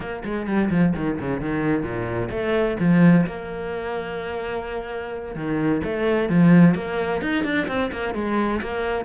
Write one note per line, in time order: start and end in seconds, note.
0.00 0.23 A#3
0.24 0.46 G#3
0.46 0.69 G3
0.70 0.93 F3
0.95 1.19 D#3
1.19 1.40 C#3
1.40 1.83 D#3
1.83 2.29 A#2
2.30 2.77 A3
2.79 3.26 F3
3.26 5.35 A#3
5.35 5.81 D#3
5.84 6.29 A3
6.29 6.74 F3
6.74 7.21 A#3
7.21 7.44 D#4
7.44 7.67 D4
7.67 7.90 C4
7.92 8.14 A#3
8.14 8.60 G#3
8.61 9.04 A#3